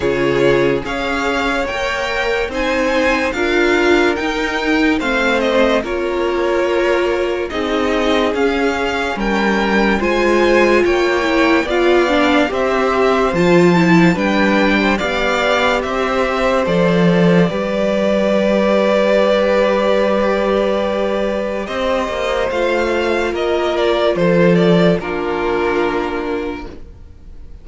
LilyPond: <<
  \new Staff \with { instrumentName = "violin" } { \time 4/4 \tempo 4 = 72 cis''4 f''4 g''4 gis''4 | f''4 g''4 f''8 dis''8 cis''4~ | cis''4 dis''4 f''4 g''4 | gis''4 g''4 f''4 e''4 |
a''4 g''4 f''4 e''4 | d''1~ | d''2 dis''4 f''4 | dis''8 d''8 c''8 d''8 ais'2 | }
  \new Staff \with { instrumentName = "violin" } { \time 4/4 gis'4 cis''2 c''4 | ais'2 c''4 ais'4~ | ais'4 gis'2 ais'4 | c''4 cis''4 d''4 c''4~ |
c''4 b'8. c''16 d''4 c''4~ | c''4 b'2.~ | b'2 c''2 | ais'4 a'4 f'2 | }
  \new Staff \with { instrumentName = "viola" } { \time 4/4 f'4 gis'4 ais'4 dis'4 | f'4 dis'4 c'4 f'4~ | f'4 dis'4 cis'2 | f'4. e'8 f'8 d'8 g'4 |
f'8 e'8 d'4 g'2 | a'4 g'2.~ | g'2. f'4~ | f'2 d'2 | }
  \new Staff \with { instrumentName = "cello" } { \time 4/4 cis4 cis'4 ais4 c'4 | d'4 dis'4 a4 ais4~ | ais4 c'4 cis'4 g4 | gis4 ais4 b4 c'4 |
f4 g4 b4 c'4 | f4 g2.~ | g2 c'8 ais8 a4 | ais4 f4 ais2 | }
>>